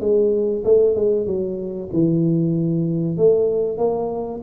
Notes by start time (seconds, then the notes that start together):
0.00 G#3
0.65 A3
0.95 G#3
1.27 F#3
1.93 E3
3.18 A3
3.78 A#3